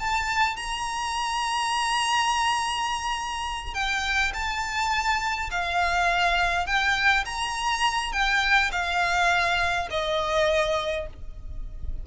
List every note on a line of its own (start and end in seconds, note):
0.00 0.57 A5
0.57 3.75 A#5
3.75 4.33 G5
4.34 5.50 A5
5.52 6.67 F5
6.67 7.25 G5
7.26 8.13 A#5
8.13 8.71 G5
8.72 9.88 F5
9.91 11.07 D#5